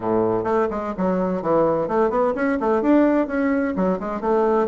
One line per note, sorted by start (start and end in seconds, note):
0.00 0.44 A2
0.44 0.67 A3
0.70 0.94 G#3
0.97 1.41 F#3
1.41 1.88 E3
1.88 2.10 A3
2.10 2.33 B3
2.35 2.58 C#4
2.60 2.81 A3
2.81 3.27 D4
3.27 3.74 C#4
3.75 3.99 F#3
3.99 4.20 G#3
4.20 4.67 A3